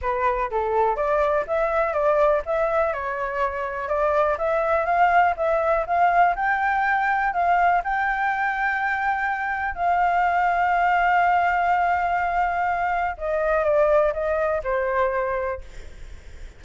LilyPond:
\new Staff \with { instrumentName = "flute" } { \time 4/4 \tempo 4 = 123 b'4 a'4 d''4 e''4 | d''4 e''4 cis''2 | d''4 e''4 f''4 e''4 | f''4 g''2 f''4 |
g''1 | f''1~ | f''2. dis''4 | d''4 dis''4 c''2 | }